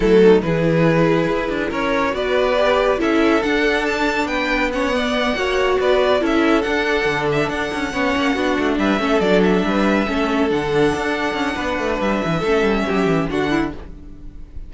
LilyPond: <<
  \new Staff \with { instrumentName = "violin" } { \time 4/4 \tempo 4 = 140 a'4 b'2. | cis''4 d''2 e''4 | fis''4 a''4 g''4 fis''4~ | fis''4. d''4 e''4 fis''8~ |
fis''4 e''8 fis''2~ fis''8~ | fis''8 e''4 d''8 e''2~ | e''8 fis''2.~ fis''8 | e''2. fis''4 | }
  \new Staff \with { instrumentName = "violin" } { \time 4/4 e'8 dis'8 gis'2. | ais'4 b'2 a'4~ | a'2 b'4 cis''8 d''8~ | d''8 cis''4 b'4 a'4.~ |
a'2~ a'8 cis''4 fis'8~ | fis'8 b'8 a'4. b'4 a'8~ | a'2. b'4~ | b'4 a'4 g'4 fis'8 e'8 | }
  \new Staff \with { instrumentName = "viola" } { \time 4/4 a4 e'2.~ | e'4 fis'4 g'4 e'4 | d'2. cis'8 b8~ | b8 fis'2 e'4 d'8~ |
d'2~ d'8 cis'4 d'8~ | d'4 cis'8 d'2 cis'8~ | cis'8 d'2.~ d'8~ | d'4 cis'2 d'4 | }
  \new Staff \with { instrumentName = "cello" } { \time 4/4 fis4 e2 e'8 d'8 | cis'4 b2 cis'4 | d'2 b2~ | b8 ais4 b4 cis'4 d'8~ |
d'8 d4 d'8 cis'8 b8 ais8 b8 | a8 g8 a8 fis4 g4 a8~ | a8 d4 d'4 cis'8 b8 a8 | g8 e8 a8 g8 fis8 e8 d4 | }
>>